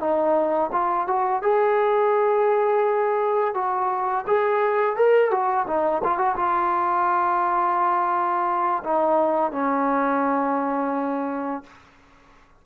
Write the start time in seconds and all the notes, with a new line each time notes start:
0.00 D#4
0.73 F4
1.08 F#4
1.43 G#4
3.55 F#4
4.27 G#4
4.96 A#4
5.31 F#4
5.67 D#4
6.04 F4
6.18 F#4
6.37 F4
8.84 D#4
9.52 C#4